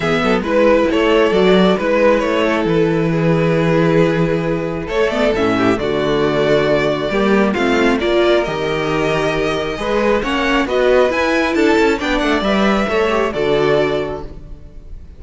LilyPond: <<
  \new Staff \with { instrumentName = "violin" } { \time 4/4 \tempo 4 = 135 e''4 b'4 cis''4 d''4 | b'4 cis''4 b'2~ | b'2. cis''8 d''8 | e''4 d''2.~ |
d''4 f''4 d''4 dis''4~ | dis''2. fis''4 | dis''4 gis''4 a''4 g''8 fis''8 | e''2 d''2 | }
  \new Staff \with { instrumentName = "violin" } { \time 4/4 gis'8 a'8 b'4 a'2 | b'4. a'4. gis'4~ | gis'2. a'4~ | a'8 g'8 fis'2. |
g'4 f'4 ais'2~ | ais'2 b'4 cis''4 | b'2 a'4 d''4~ | d''4 cis''4 a'2 | }
  \new Staff \with { instrumentName = "viola" } { \time 4/4 b4 e'2 fis'4 | e'1~ | e'2. a8 b8 | cis'4 a2. |
ais4 c'4 f'4 g'4~ | g'2 gis'4 cis'4 | fis'4 e'2 d'4 | b'4 a'8 g'8 fis'2 | }
  \new Staff \with { instrumentName = "cello" } { \time 4/4 e8 fis8 gis4 a4 fis4 | gis4 a4 e2~ | e2. a4 | a,4 d2. |
g4 a4 ais4 dis4~ | dis2 gis4 ais4 | b4 e'4 d'8 cis'8 b8 a8 | g4 a4 d2 | }
>>